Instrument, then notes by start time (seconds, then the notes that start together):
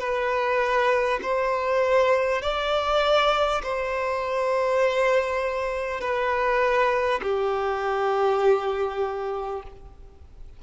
violin
0.00 B4
1.23 C5
2.42 D5
3.63 C5
6.01 B4
7.23 G4